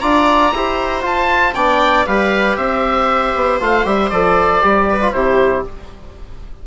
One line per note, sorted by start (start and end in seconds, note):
0.00 0.53 D4
0.00 0.53 F4
0.00 0.52 D5
0.00 1.03 A#5
0.53 1.03 E4
0.53 1.01 G4
0.53 1.55 C5
1.01 1.53 F4
1.01 1.55 F4
1.01 1.54 A5
1.54 2.06 B3
1.54 2.07 D4
1.54 2.06 D5
1.54 2.05 G5
2.06 2.57 G3
2.06 3.60 G4
2.06 2.57 B4
2.06 2.57 F5
2.57 3.34 C4
2.57 4.88 C5
2.57 3.59 E5
3.35 3.60 B3
3.60 3.85 A3
3.60 3.85 F4
3.60 3.86 F5
3.85 4.11 G3
3.85 4.10 G4
3.85 4.10 E5
4.10 4.62 F3
4.10 4.62 A4
4.10 5.12 D5
4.62 5.13 G3
4.62 5.00 G4
4.89 5.15 B4
5.01 5.14 F4
5.12 5.64 C3
5.12 5.65 E4
5.12 5.66 G4
5.12 5.63 C5